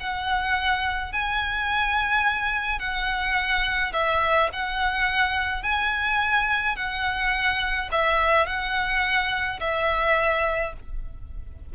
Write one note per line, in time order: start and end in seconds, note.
0.00 1.12 F#5
1.12 2.79 G#5
2.79 3.92 F#5
3.93 4.49 E5
4.53 5.63 F#5
5.63 6.76 G#5
6.76 7.89 F#5
7.91 8.46 E5
8.46 9.59 F#5
9.60 10.73 E5